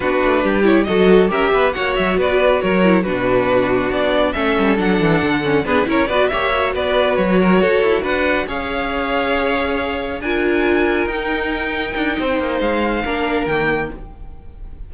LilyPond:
<<
  \new Staff \with { instrumentName = "violin" } { \time 4/4 \tempo 4 = 138 b'4. cis''8 dis''4 e''4 | fis''8 e''8 d''4 cis''4 b'4~ | b'4 d''4 e''4 fis''4~ | fis''4 b'8 cis''8 d''8 e''4 d''8~ |
d''8 cis''2 fis''4 f''8~ | f''2.~ f''8 gis''8~ | gis''4. g''2~ g''8~ | g''4 f''2 g''4 | }
  \new Staff \with { instrumentName = "violin" } { \time 4/4 fis'4 g'4 a'4 ais'8 b'8 | cis''4 b'4 ais'4 fis'4~ | fis'2 a'2~ | a'4 gis'8 ais'8 b'8 cis''4 b'8~ |
b'4 ais'8 a'4 b'4 cis''8~ | cis''2.~ cis''8 ais'8~ | ais'1 | c''2 ais'2 | }
  \new Staff \with { instrumentName = "viola" } { \time 4/4 d'4. e'8 fis'4 g'4 | fis'2~ fis'8 e'8 d'4~ | d'2 cis'4 d'4~ | d'8 cis'8 b8 e'8 fis'8 g'8 fis'4~ |
fis'2.~ fis'8 gis'8~ | gis'2.~ gis'8 f'8~ | f'4. dis'2~ dis'8~ | dis'2 d'4 ais4 | }
  \new Staff \with { instrumentName = "cello" } { \time 4/4 b8 a8 g4 fis4 cis'8 b8 | ais8 fis8 b4 fis4 b,4~ | b,4 b4 a8 g8 fis8 e8 | d4 d'8 cis'8 b8 ais4 b8~ |
b8 fis4 fis'8 e'8 d'4 cis'8~ | cis'2.~ cis'8 d'8~ | d'4. dis'2 d'8 | c'8 ais8 gis4 ais4 dis4 | }
>>